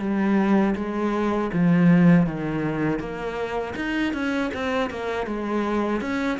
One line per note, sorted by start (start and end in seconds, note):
0.00 0.75 G3
0.76 1.51 G#3
1.53 2.26 F3
2.26 3.00 D#3
3.00 3.75 A#3
3.76 4.14 D#4
4.14 4.51 C#4
4.54 4.91 C4
4.91 5.27 A#3
5.27 6.01 G#3
6.01 6.39 C#4